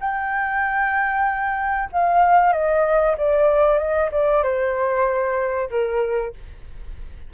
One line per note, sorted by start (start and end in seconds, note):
0.00 1.89 G5
1.92 2.53 F5
2.53 3.16 D#5
3.18 3.78 D5
3.78 4.10 D#5
4.11 4.43 D5
4.43 5.69 C5
5.70 6.33 A#4